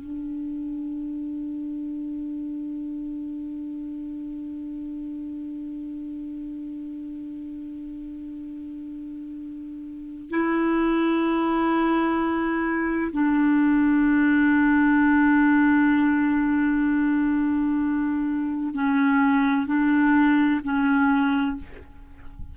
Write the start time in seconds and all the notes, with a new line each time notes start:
0.00 D4
10.31 E4
13.12 D4
18.75 C#4
19.67 D4
20.64 C#4